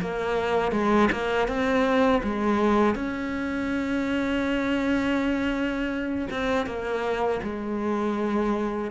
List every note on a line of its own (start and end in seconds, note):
0.00 0.71 A#3
0.71 1.08 G#3
1.11 1.47 A#3
1.47 2.21 C4
2.23 2.95 G#3
2.95 6.28 C#4
6.30 6.66 C4
6.66 7.40 A#3
7.42 8.91 G#3